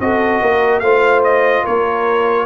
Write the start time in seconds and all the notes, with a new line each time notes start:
0.00 C4 F#4 A4 D#5
0.41 A#3 A#4
0.80 A3 F4 C5 F5
1.24 D#5
1.64 A#3 A#4 C#5